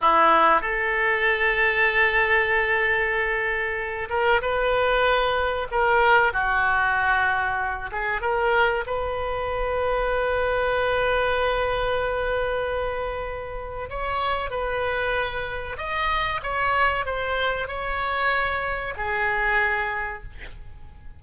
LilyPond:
\new Staff \with { instrumentName = "oboe" } { \time 4/4 \tempo 4 = 95 e'4 a'2.~ | a'2~ a'8 ais'8 b'4~ | b'4 ais'4 fis'2~ | fis'8 gis'8 ais'4 b'2~ |
b'1~ | b'2 cis''4 b'4~ | b'4 dis''4 cis''4 c''4 | cis''2 gis'2 | }